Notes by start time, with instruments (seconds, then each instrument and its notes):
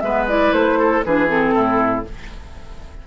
0.00 bassoon G#3, clarinet B3, oboe B4, flute E5
0.28 clarinet E4, flute D5
0.53 bassoon A3, flute C5
0.79 oboe A4
1.05 bassoon E3, clarinet D4, oboe G#4, flute B4
1.28 clarinet C4, flute A4
1.54 bassoon A2, oboe E4